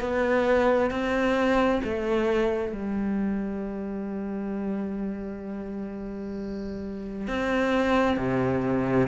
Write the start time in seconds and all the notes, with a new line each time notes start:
0.00 B3
0.90 C4
1.84 A3
2.72 G3
7.27 C4
8.17 C3